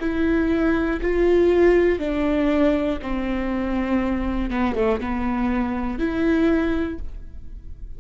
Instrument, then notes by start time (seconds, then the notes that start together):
viola
0.00 E4
1.02 F4
2.00 D4
3.02 C4
4.50 B3
4.75 A3
5.00 B3
5.99 E4